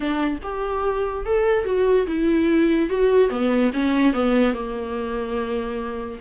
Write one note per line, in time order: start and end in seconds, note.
0.00 0.38 D4
0.43 1.25 G4
1.25 1.65 A4
1.65 2.06 F#4
2.07 2.89 E4
2.89 3.29 F#4
3.29 3.71 B3
3.73 4.13 C#4
4.13 4.53 B3
4.53 6.19 A#3